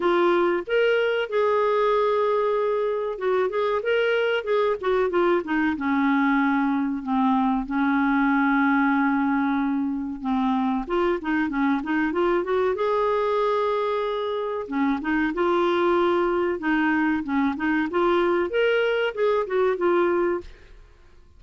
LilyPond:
\new Staff \with { instrumentName = "clarinet" } { \time 4/4 \tempo 4 = 94 f'4 ais'4 gis'2~ | gis'4 fis'8 gis'8 ais'4 gis'8 fis'8 | f'8 dis'8 cis'2 c'4 | cis'1 |
c'4 f'8 dis'8 cis'8 dis'8 f'8 fis'8 | gis'2. cis'8 dis'8 | f'2 dis'4 cis'8 dis'8 | f'4 ais'4 gis'8 fis'8 f'4 | }